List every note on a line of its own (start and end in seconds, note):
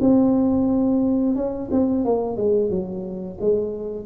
0.00 1.35 C4
1.35 1.69 C#4
1.71 2.05 C4
2.05 2.36 A#3
2.36 2.70 G#3
2.70 3.38 F#3
3.40 4.05 G#3